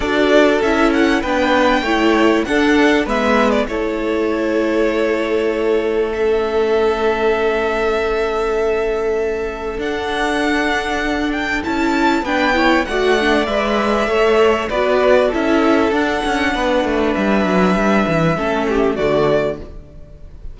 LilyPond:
<<
  \new Staff \with { instrumentName = "violin" } { \time 4/4 \tempo 4 = 98 d''4 e''8 fis''8 g''2 | fis''4 e''8. d''16 cis''2~ | cis''2 e''2~ | e''1 |
fis''2~ fis''8 g''8 a''4 | g''4 fis''4 e''2 | d''4 e''4 fis''2 | e''2. d''4 | }
  \new Staff \with { instrumentName = "violin" } { \time 4/4 a'2 b'4 cis''4 | a'4 b'4 a'2~ | a'1~ | a'1~ |
a'1 | b'8 cis''8 d''2 cis''4 | b'4 a'2 b'4~ | b'2 a'8 g'8 fis'4 | }
  \new Staff \with { instrumentName = "viola" } { \time 4/4 fis'4 e'4 d'4 e'4 | d'4 b4 e'2~ | e'2 cis'2~ | cis'1 |
d'2. e'4 | d'8 e'8 fis'8 d'8 b'4 a'4 | fis'4 e'4 d'2~ | d'2 cis'4 a4 | }
  \new Staff \with { instrumentName = "cello" } { \time 4/4 d'4 cis'4 b4 a4 | d'4 gis4 a2~ | a1~ | a1 |
d'2. cis'4 | b4 a4 gis4 a4 | b4 cis'4 d'8 cis'8 b8 a8 | g8 fis8 g8 e8 a4 d4 | }
>>